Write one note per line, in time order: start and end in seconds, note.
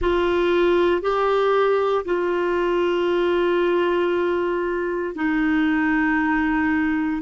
0.01 1.01 F4
1.01 2.05 G4
2.05 5.14 F4
5.14 7.21 D#4